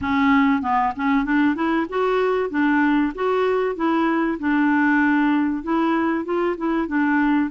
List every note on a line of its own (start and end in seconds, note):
0.01 0.62 C#4
0.62 0.93 B3
0.95 1.24 C#4
1.24 1.55 D4
1.55 1.86 E4
1.89 2.50 F#4
2.50 3.12 D4
3.14 3.75 F#4
3.75 4.38 E4
4.39 5.63 D4
5.63 6.24 E4
6.24 6.56 F4
6.57 6.88 E4
6.88 7.50 D4